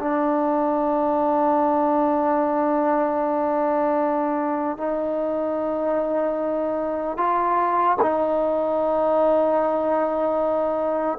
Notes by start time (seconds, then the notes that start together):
0.00 D4
4.78 D#4
7.17 F4
8.02 D#4